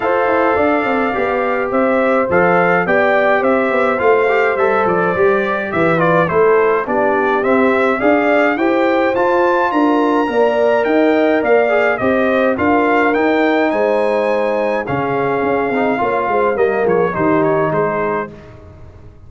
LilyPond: <<
  \new Staff \with { instrumentName = "trumpet" } { \time 4/4 \tempo 4 = 105 f''2. e''4 | f''4 g''4 e''4 f''4 | e''8 d''4. e''8 d''8 c''4 | d''4 e''4 f''4 g''4 |
a''4 ais''2 g''4 | f''4 dis''4 f''4 g''4 | gis''2 f''2~ | f''4 dis''8 cis''8 c''8 cis''8 c''4 | }
  \new Staff \with { instrumentName = "horn" } { \time 4/4 c''4 d''2 c''4~ | c''4 d''4 c''2~ | c''2 b'4 a'4 | g'2 d''4 c''4~ |
c''4 ais'4 d''4 dis''4 | d''4 c''4 ais'2 | c''2 gis'2 | cis''8 c''8 ais'8 gis'8 g'4 gis'4 | }
  \new Staff \with { instrumentName = "trombone" } { \time 4/4 a'2 g'2 | a'4 g'2 f'8 g'8 | a'4 g'4. f'8 e'4 | d'4 c'4 gis'4 g'4 |
f'2 ais'2~ | ais'8 gis'8 g'4 f'4 dis'4~ | dis'2 cis'4. dis'8 | f'4 ais4 dis'2 | }
  \new Staff \with { instrumentName = "tuba" } { \time 4/4 f'8 e'8 d'8 c'8 b4 c'4 | f4 b4 c'8 b8 a4 | g8 f8 g4 e4 a4 | b4 c'4 d'4 e'4 |
f'4 d'4 ais4 dis'4 | ais4 c'4 d'4 dis'4 | gis2 cis4 cis'8 c'8 | ais8 gis8 g8 f8 dis4 gis4 | }
>>